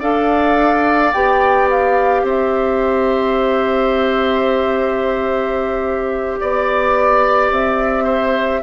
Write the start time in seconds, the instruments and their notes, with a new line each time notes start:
0.00 bassoon D4, clarinet A4, oboe D5, flute F5
1.13 bassoon B3, clarinet G4, flute G5
1.70 flute F5
2.23 bassoon C4, oboe C5, flute E5
6.40 bassoon B3, flute D5, oboe D5
7.51 bassoon C4, flute E5
8.04 oboe C5